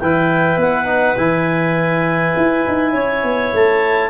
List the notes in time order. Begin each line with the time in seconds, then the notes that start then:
0.00 E3 E4 B4 G5
0.57 B3 F#5
0.86 D#4
1.17 E3 E4 G#5
2.37 E4
2.68 D#4
2.93 C#4 C#5
3.23 B3
3.53 A3 A5